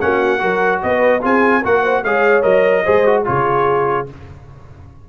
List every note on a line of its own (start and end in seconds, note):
0.00 0.42 A#3
0.00 0.39 C#4
0.00 0.40 F#4
0.00 0.81 F#5
0.39 0.83 F#3
0.39 1.20 F#4
0.39 0.81 A#4
0.82 1.23 B3
0.82 1.22 B4
0.82 1.23 D#5
1.21 1.64 C4
1.21 1.62 F4
1.21 1.61 G#4
1.21 1.64 G#5
1.61 2.03 A#3
1.61 2.04 F#4
1.61 1.82 A#4
1.61 2.04 F#5
1.83 2.03 C5
2.03 2.43 G#3
2.03 2.42 G#4
2.03 2.84 C#5
2.03 2.42 F5
2.42 2.85 F#3
2.42 2.83 A#4
2.42 3.23 D#5
2.84 3.27 G#3
2.84 3.05 G#4
2.84 3.24 C5
3.05 3.25 F#4
3.25 4.09 C#3
3.25 4.06 F4
3.25 4.09 G#4
3.25 4.08 C#5